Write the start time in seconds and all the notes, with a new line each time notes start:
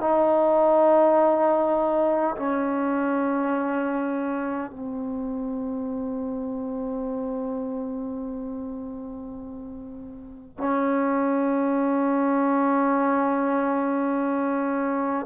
0.00 D#4
2.36 C#4
4.70 C4
10.57 C#4